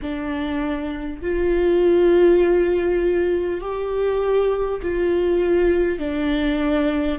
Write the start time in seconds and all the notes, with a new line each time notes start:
0.02 D4
1.22 F4
3.61 G4
4.82 F4
5.98 D4